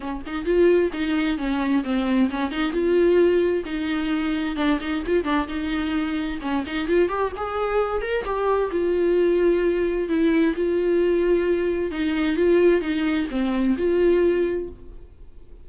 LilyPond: \new Staff \with { instrumentName = "viola" } { \time 4/4 \tempo 4 = 131 cis'8 dis'8 f'4 dis'4 cis'4 | c'4 cis'8 dis'8 f'2 | dis'2 d'8 dis'8 f'8 d'8 | dis'2 cis'8 dis'8 f'8 g'8 |
gis'4. ais'8 g'4 f'4~ | f'2 e'4 f'4~ | f'2 dis'4 f'4 | dis'4 c'4 f'2 | }